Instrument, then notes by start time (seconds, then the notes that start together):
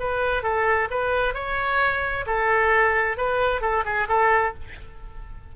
oboe
0.00 B4
0.43 A4
0.91 B4
1.35 C#5
2.27 A4
3.18 B4
3.62 A4
3.85 G#4
4.09 A4